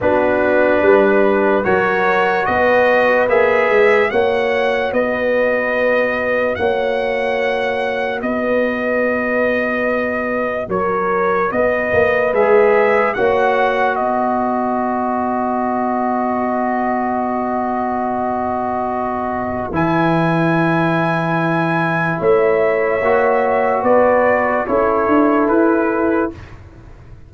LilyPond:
<<
  \new Staff \with { instrumentName = "trumpet" } { \time 4/4 \tempo 4 = 73 b'2 cis''4 dis''4 | e''4 fis''4 dis''2 | fis''2 dis''2~ | dis''4 cis''4 dis''4 e''4 |
fis''4 dis''2.~ | dis''1 | gis''2. e''4~ | e''4 d''4 cis''4 b'4 | }
  \new Staff \with { instrumentName = "horn" } { \time 4/4 fis'4 b'4 ais'4 b'4~ | b'4 cis''4 b'2 | cis''2 b'2~ | b'4 ais'4 b'2 |
cis''4 b'2.~ | b'1~ | b'2. cis''4~ | cis''4 b'4 a'2 | }
  \new Staff \with { instrumentName = "trombone" } { \time 4/4 d'2 fis'2 | gis'4 fis'2.~ | fis'1~ | fis'2. gis'4 |
fis'1~ | fis'1 | e'1 | fis'2 e'2 | }
  \new Staff \with { instrumentName = "tuba" } { \time 4/4 b4 g4 fis4 b4 | ais8 gis8 ais4 b2 | ais2 b2~ | b4 fis4 b8 ais8 gis4 |
ais4 b2.~ | b1 | e2. a4 | ais4 b4 cis'8 d'8 e'4 | }
>>